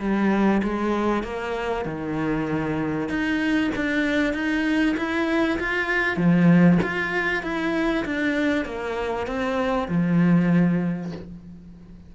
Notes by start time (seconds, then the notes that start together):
0.00 G3
0.63 G#3
1.24 A#3
1.86 D#3
3.09 D#4
3.76 D4
4.34 D#4
4.97 E4
5.60 F4
6.17 F3
6.83 F4
7.43 E4
8.06 D4
8.66 A#3
9.27 C4
9.89 F3